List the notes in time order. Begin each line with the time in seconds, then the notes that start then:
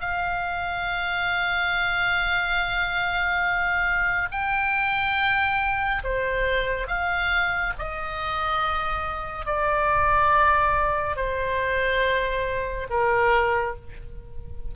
0.00 F5
4.31 G5
6.04 C5
6.87 F5
7.78 D#5
9.46 D5
11.16 C5
12.90 A#4